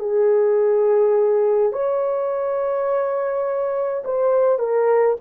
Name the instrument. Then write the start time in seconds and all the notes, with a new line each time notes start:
horn
0.00 G#4
1.73 C#5
4.05 C5
4.59 A#4